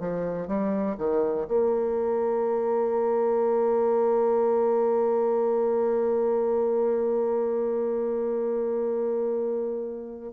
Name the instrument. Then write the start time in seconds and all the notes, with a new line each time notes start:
bassoon
0.00 F3
0.47 G3
0.98 D#3
1.48 A#3